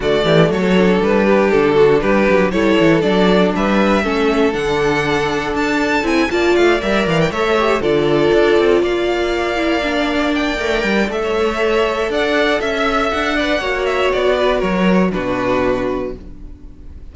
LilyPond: <<
  \new Staff \with { instrumentName = "violin" } { \time 4/4 \tempo 4 = 119 d''4 cis''4 b'4 a'4 | b'4 cis''4 d''4 e''4~ | e''4 fis''2 a''4 | gis''8 a''8 f''8 e''8 f''16 g''16 e''4 d''8~ |
d''4. f''2~ f''8~ | f''8 g''4. e''2 | fis''4 e''4 fis''4. e''8 | d''4 cis''4 b'2 | }
  \new Staff \with { instrumentName = "violin" } { \time 4/4 fis'8 g'8 a'4. g'4 fis'8 | g'4 a'2 b'4 | a'1~ | a'8 d''2 cis''4 a'8~ |
a'4. d''2~ d''8~ | d''2~ d''16 cis''4.~ cis''16 | d''4 e''4. d''8 cis''4~ | cis''8 b'8 ais'4 fis'2 | }
  \new Staff \with { instrumentName = "viola" } { \time 4/4 a4. d'2~ d'8~ | d'4 e'4 d'2 | cis'4 d'2. | e'8 f'4 ais'4 a'8 g'8 f'8~ |
f'2. e'8 d'8~ | d'4 ais'4 a'2~ | a'2~ a'8 b'8 fis'4~ | fis'2 d'2 | }
  \new Staff \with { instrumentName = "cello" } { \time 4/4 d8 e8 fis4 g4 d4 | g8 fis8 g8 e8 fis4 g4 | a4 d2 d'4 | c'8 ais8 a8 g8 e8 a4 d8~ |
d8 d'8 c'8 ais2~ ais8~ | ais4 a8 g8 a2 | d'4 cis'4 d'4 ais4 | b4 fis4 b,2 | }
>>